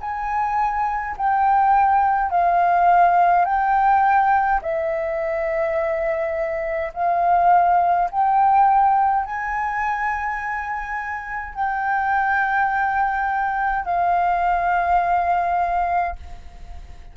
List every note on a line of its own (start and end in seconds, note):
0.00 1.15 G#5
1.17 2.30 G5
2.30 3.45 F5
3.45 4.60 G5
4.62 6.92 E5
6.93 8.09 F5
8.11 9.25 G5
9.25 11.54 G#5
11.54 13.85 G5
13.85 16.15 F5